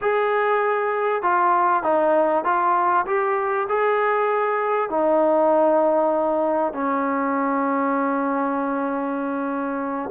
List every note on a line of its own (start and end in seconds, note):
0.01 1.22 G#4
1.22 1.83 F4
1.83 2.44 D#4
2.44 3.05 F4
3.06 3.67 G4
3.68 4.89 G#4
4.89 6.73 D#4
6.73 10.10 C#4